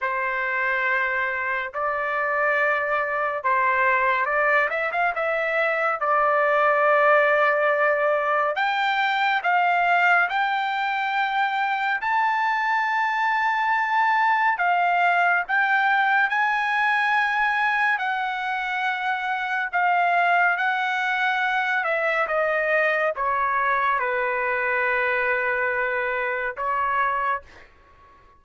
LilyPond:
\new Staff \with { instrumentName = "trumpet" } { \time 4/4 \tempo 4 = 70 c''2 d''2 | c''4 d''8 e''16 f''16 e''4 d''4~ | d''2 g''4 f''4 | g''2 a''2~ |
a''4 f''4 g''4 gis''4~ | gis''4 fis''2 f''4 | fis''4. e''8 dis''4 cis''4 | b'2. cis''4 | }